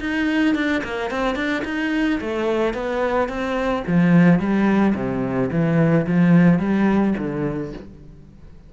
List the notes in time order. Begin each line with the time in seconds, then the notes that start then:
0.00 D#4
0.55 D4
0.84 A#3
1.10 C4
1.35 D4
1.64 D#4
2.20 A3
2.74 B3
3.28 C4
3.87 F3
4.39 G3
4.95 C3
5.51 E3
6.07 F3
6.59 G3
7.18 D3